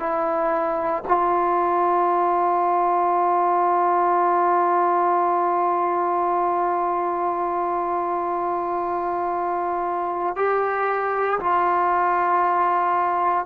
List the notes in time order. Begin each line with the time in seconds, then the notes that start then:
0.00 E4
1.08 F4
10.36 G4
11.40 F4